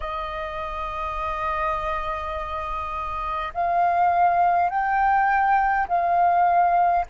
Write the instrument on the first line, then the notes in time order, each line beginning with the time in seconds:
flute
0.00 D#5
3.53 F5
4.69 G5
5.88 F5